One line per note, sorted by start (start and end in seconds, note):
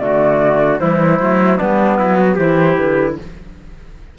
0.00 0.81 D3
0.00 0.80 A3
0.00 0.81 F#4
0.00 0.79 D5
0.80 1.20 E3
0.80 1.20 G3
0.80 1.58 E4
0.80 1.58 C5
1.20 1.60 F#3
1.20 1.60 A3
1.58 1.99 G3
1.58 2.39 B3
1.58 1.98 D4
1.58 2.37 B4
1.99 2.38 F#3
1.99 2.17 E4
2.17 2.35 F#4
2.35 2.78 E3
2.35 3.19 E4
2.35 3.14 G4
2.35 2.77 C5
2.77 3.18 D3
2.77 3.16 B4